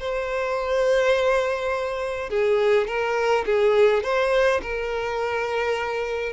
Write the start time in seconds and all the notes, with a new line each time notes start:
0.00 C5
2.30 G#4
2.87 A#4
3.46 G#4
4.03 C5
4.62 A#4